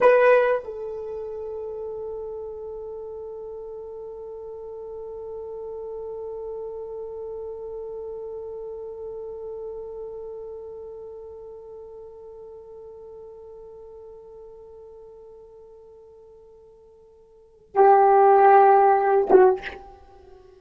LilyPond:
\new Staff \with { instrumentName = "horn" } { \time 4/4 \tempo 4 = 98 b'4 a'2.~ | a'1~ | a'1~ | a'1~ |
a'1~ | a'1~ | a'1~ | a'4 g'2~ g'8 fis'8 | }